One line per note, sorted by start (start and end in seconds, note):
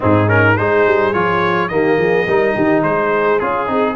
0.00 0.59 G#2
0.00 0.27 C4
0.00 0.56 D#4
0.00 0.28 G#4
0.27 0.55 C#4
0.27 0.56 A#4
0.56 0.86 G#3
0.56 1.13 D#4
0.56 1.71 G#4
0.56 1.13 C5
0.86 1.14 G3
1.13 1.70 F3
1.13 1.70 F4
1.13 1.68 C#5
1.68 1.97 D#3
1.68 2.27 A#3
1.68 1.98 G4
1.68 2.81 D#5
1.97 2.26 F3
1.97 2.26 G#4
2.26 2.55 G3
2.26 3.40 D#4
2.26 2.54 A#4
2.54 2.83 D#3
2.54 2.82 G4
2.83 3.39 G#3
2.83 3.95 G#4
2.83 3.39 C5
3.39 3.68 C#4
3.39 3.66 F4
3.39 3.95 G#4
3.66 3.95 C4
3.66 3.95 D#4